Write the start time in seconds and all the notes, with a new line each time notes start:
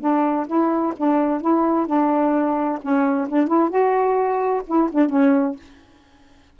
0.00 D4
0.47 E4
0.97 D4
1.41 E4
1.86 D4
2.82 C#4
3.28 D4
3.47 E4
3.70 F#4
4.67 E4
4.92 D4
5.09 C#4